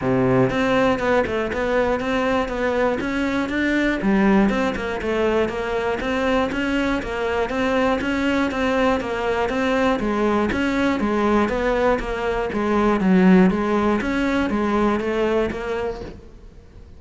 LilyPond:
\new Staff \with { instrumentName = "cello" } { \time 4/4 \tempo 4 = 120 c4 c'4 b8 a8 b4 | c'4 b4 cis'4 d'4 | g4 c'8 ais8 a4 ais4 | c'4 cis'4 ais4 c'4 |
cis'4 c'4 ais4 c'4 | gis4 cis'4 gis4 b4 | ais4 gis4 fis4 gis4 | cis'4 gis4 a4 ais4 | }